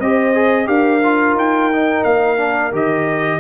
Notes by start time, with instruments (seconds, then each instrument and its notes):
0.00 tuba C4, trombone G4, horn C5, trumpet D#5
0.35 trombone G#4
0.66 tuba D4, trombone G4, horn A#4, trumpet F5
1.04 trombone F4
1.34 tuba D#4, trumpet G5
1.72 trombone D#4
2.04 tuba A#3, trumpet F5
2.37 trombone D4
2.72 tuba D#3, trombone G4, trumpet D#5